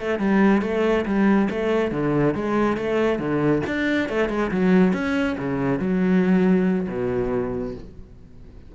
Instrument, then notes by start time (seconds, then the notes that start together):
cello
0.00 A3
0.19 G3
0.62 A3
1.06 G3
1.50 A3
1.92 D3
2.35 G#3
2.77 A3
3.20 D3
3.67 D4
4.10 A3
4.29 G#3
4.51 F#3
4.93 C#4
5.39 C#3
5.80 F#3
6.89 B2